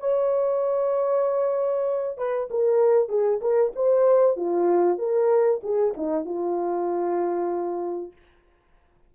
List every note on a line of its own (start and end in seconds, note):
0.00 2.18 C#5
2.18 2.49 B4
2.51 3.09 A#4
3.09 3.41 G#4
3.42 3.73 A#4
3.76 4.37 C5
4.37 4.99 F4
4.99 5.61 A#4
5.64 5.95 G#4
5.97 6.25 D#4
6.25 8.13 F4